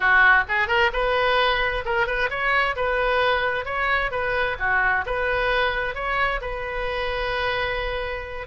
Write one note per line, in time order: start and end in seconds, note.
0.00 0.44 F#4
0.48 0.67 G#4
0.67 0.90 A#4
0.92 1.84 B4
1.85 2.07 A#4
2.07 2.29 B4
2.30 2.75 C#5
2.76 3.65 B4
3.65 4.11 C#5
4.11 4.57 B4
4.59 5.04 F#4
5.06 5.94 B4
5.94 6.40 C#5
6.41 8.46 B4